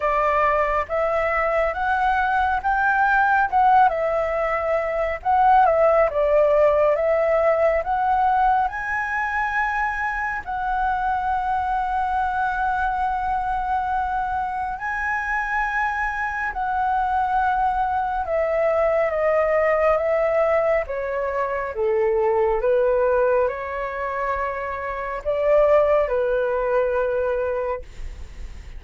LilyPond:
\new Staff \with { instrumentName = "flute" } { \time 4/4 \tempo 4 = 69 d''4 e''4 fis''4 g''4 | fis''8 e''4. fis''8 e''8 d''4 | e''4 fis''4 gis''2 | fis''1~ |
fis''4 gis''2 fis''4~ | fis''4 e''4 dis''4 e''4 | cis''4 a'4 b'4 cis''4~ | cis''4 d''4 b'2 | }